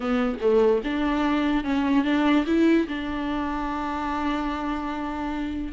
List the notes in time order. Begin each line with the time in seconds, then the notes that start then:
0.00 B3
0.40 A3
0.84 D4
1.63 C#4
2.04 D4
2.46 E4
2.88 D4